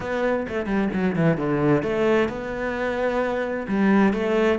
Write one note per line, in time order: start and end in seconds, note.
0.00 0.46 B3
0.48 0.66 A3
0.66 0.88 G3
0.93 1.15 F#3
1.15 1.37 E3
1.37 1.83 D3
1.83 2.28 A3
2.28 3.66 B3
3.68 4.13 G3
4.13 4.58 A3